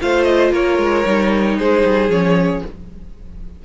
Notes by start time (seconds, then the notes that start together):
0.00 A3 F4 C5 F5
0.23 D#5
0.51 A#3 A#4 C#5
0.77 G#3
1.04 G3 D#4
1.58 G#3 G#4 C5
1.85 G3
2.09 F3 C#4 C#5